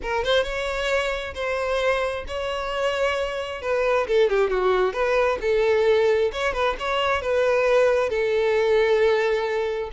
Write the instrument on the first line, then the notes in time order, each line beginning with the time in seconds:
violin
0.02 A#4
0.24 C5
0.43 C#5
1.34 C5
2.27 C#5
3.61 B4
4.07 A4
4.29 G4
4.49 F#4
4.93 B4
5.41 A4
6.32 C#5
6.53 B4
6.79 C#5
7.21 B4
8.09 A4